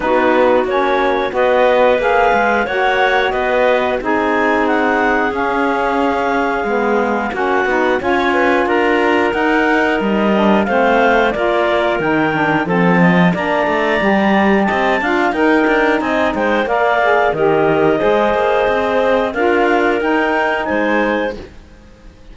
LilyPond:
<<
  \new Staff \with { instrumentName = "clarinet" } { \time 4/4 \tempo 4 = 90 b'4 cis''4 dis''4 f''4 | fis''4 dis''4 gis''4 fis''4 | f''2. fis''4 | gis''4 ais''4 fis''4 dis''4 |
f''4 d''4 g''4 a''4 | ais''2 a''4 g''4 | gis''8 g''8 f''4 dis''2~ | dis''4 f''4 g''4 gis''4 | }
  \new Staff \with { instrumentName = "clarinet" } { \time 4/4 fis'2 b'2 | cis''4 b'4 gis'2~ | gis'2. fis'4 | cis''8 b'8 ais'2. |
c''4 ais'2 a'8 dis''8 | d''2 dis''8 f''8 ais'4 | dis''8 c''8 d''4 ais'4 c''4~ | c''4 ais'2 c''4 | }
  \new Staff \with { instrumentName = "saxophone" } { \time 4/4 dis'4 cis'4 fis'4 gis'4 | fis'2 dis'2 | cis'2 b4 cis'8 dis'8 | f'2 dis'4. d'8 |
c'4 f'4 dis'8 d'8 c'4 | d'4 g'4. f'8 dis'4~ | dis'4 ais'8 gis'8 g'4 gis'4~ | gis'4 f'4 dis'2 | }
  \new Staff \with { instrumentName = "cello" } { \time 4/4 b4 ais4 b4 ais8 gis8 | ais4 b4 c'2 | cis'2 gis4 ais8 b8 | cis'4 d'4 dis'4 g4 |
a4 ais4 dis4 f4 | ais8 a8 g4 c'8 d'8 dis'8 d'8 | c'8 gis8 ais4 dis4 gis8 ais8 | c'4 d'4 dis'4 gis4 | }
>>